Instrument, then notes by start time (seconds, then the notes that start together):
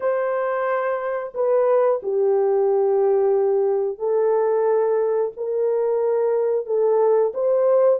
horn
0.00 C5
1.34 B4
2.02 G4
3.98 A4
5.36 A#4
6.65 A4
7.33 C5